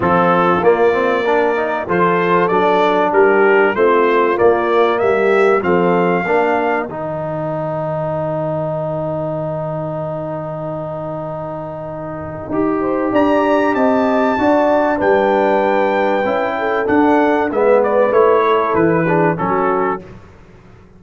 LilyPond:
<<
  \new Staff \with { instrumentName = "trumpet" } { \time 4/4 \tempo 4 = 96 a'4 d''2 c''4 | d''4 ais'4 c''4 d''4 | e''4 f''2 g''4~ | g''1~ |
g''1~ | g''4 ais''4 a''2 | g''2. fis''4 | e''8 d''8 cis''4 b'4 a'4 | }
  \new Staff \with { instrumentName = "horn" } { \time 4/4 f'2 ais'4 a'4~ | a'4 g'4 f'2 | g'4 a'4 ais'2~ | ais'1~ |
ais'1~ | ais'8 c''8 d''4 dis''4 d''4 | b'2~ b'8 a'4. | b'4. a'4 gis'8 fis'4 | }
  \new Staff \with { instrumentName = "trombone" } { \time 4/4 c'4 ais8 c'8 d'8 dis'8 f'4 | d'2 c'4 ais4~ | ais4 c'4 d'4 dis'4~ | dis'1~ |
dis'1 | g'2. fis'4 | d'2 e'4 d'4 | b4 e'4. d'8 cis'4 | }
  \new Staff \with { instrumentName = "tuba" } { \time 4/4 f4 ais2 f4 | fis4 g4 a4 ais4 | g4 f4 ais4 dis4~ | dis1~ |
dis1 | dis'4 d'4 c'4 d'4 | g2 cis'4 d'4 | gis4 a4 e4 fis4 | }
>>